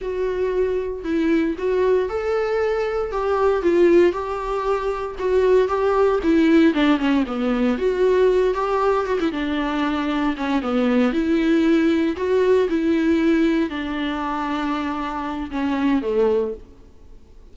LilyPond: \new Staff \with { instrumentName = "viola" } { \time 4/4 \tempo 4 = 116 fis'2 e'4 fis'4 | a'2 g'4 f'4 | g'2 fis'4 g'4 | e'4 d'8 cis'8 b4 fis'4~ |
fis'8 g'4 fis'16 e'16 d'2 | cis'8 b4 e'2 fis'8~ | fis'8 e'2 d'4.~ | d'2 cis'4 a4 | }